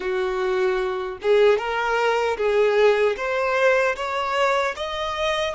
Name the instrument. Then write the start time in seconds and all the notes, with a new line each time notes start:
violin
0.00 F#4
1.22 G#4
1.58 A#4
2.37 G#4
3.16 C5
3.95 C#5
4.76 D#5